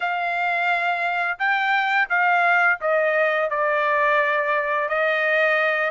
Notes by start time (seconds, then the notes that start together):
0.00 F5
1.38 G5
2.09 F5
2.80 D#5
3.49 D5
4.88 D#5